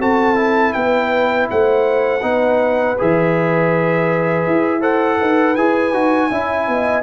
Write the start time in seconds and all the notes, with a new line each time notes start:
0.00 C4 F#4 A4 A5
0.35 E4
0.73 B3 B4 G5
1.50 A3 C5 F#5
2.23 B3 D#4 B4
2.98 E3 G#4 E5
4.47 E4
4.81 A4 C5 F#5
5.20 D#4 B4
5.56 E4 G#4 G#5
5.93 D#4 F#4
6.30 C#4 E4 E5
6.68 B3 D#5